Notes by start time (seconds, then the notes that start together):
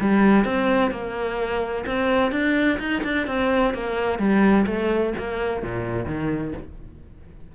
0.00 G3
0.45 C4
0.91 A#3
1.86 C4
2.31 D4
2.79 D#4
3.03 D4
3.27 C4
3.74 A#3
4.18 G3
4.66 A3
5.18 A#3
5.62 A#2
6.06 D#3